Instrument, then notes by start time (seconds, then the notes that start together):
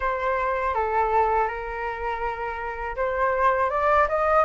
flute
0.00 C5
0.74 A4
1.47 A#4
2.96 C5
3.70 D5
4.08 D#5